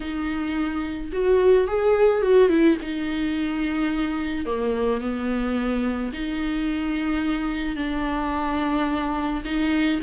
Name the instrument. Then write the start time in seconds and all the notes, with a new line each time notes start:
viola
0.00 D#4
1.12 F#4
1.67 G#4
2.22 F#4
2.49 E4
2.81 D#4
4.45 A#3
5.01 B3
6.13 D#4
7.76 D4
9.44 D#4